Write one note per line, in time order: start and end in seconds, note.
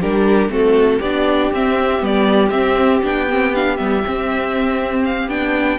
0.00 0.49 G3
0.00 0.49 D4
0.00 0.50 G4
0.00 0.52 A#4
0.49 0.99 A3
0.49 1.00 C4
0.49 0.99 F#4
0.49 1.01 A4
0.99 1.51 B3
0.99 1.54 D4
0.99 5.78 G4
0.99 1.51 D5
1.52 2.01 C4
1.52 1.99 C4
1.52 2.05 E5
1.99 2.51 G3
1.99 2.50 B3
1.99 2.50 D5
2.50 3.01 C4
2.50 3.02 C4
2.50 3.00 E5
3.03 3.78 B3
3.03 3.28 D4
3.03 3.55 G5
3.29 3.54 C4
3.55 3.78 D4
3.55 3.77 F5
3.77 4.04 G3
3.77 4.03 B3
3.77 5.03 E5
4.06 5.29 C4
4.06 5.28 C4
5.05 5.29 F5
5.28 5.78 B3
5.28 5.78 D4
5.28 5.78 G5